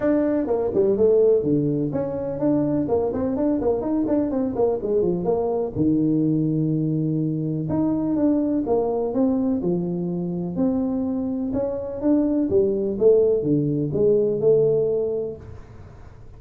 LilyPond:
\new Staff \with { instrumentName = "tuba" } { \time 4/4 \tempo 4 = 125 d'4 ais8 g8 a4 d4 | cis'4 d'4 ais8 c'8 d'8 ais8 | dis'8 d'8 c'8 ais8 gis8 f8 ais4 | dis1 |
dis'4 d'4 ais4 c'4 | f2 c'2 | cis'4 d'4 g4 a4 | d4 gis4 a2 | }